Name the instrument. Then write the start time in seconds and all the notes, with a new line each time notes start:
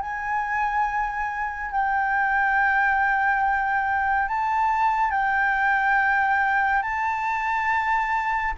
flute
0.00 G#5
1.71 G5
4.28 A5
5.10 G5
6.82 A5